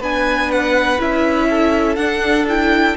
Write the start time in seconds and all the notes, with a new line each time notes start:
0.00 B3 D4 B4 G#5
0.52 F#5
0.99 C#4 E4 E5
1.50 A4
1.96 D4 F#5
2.48 E4 G5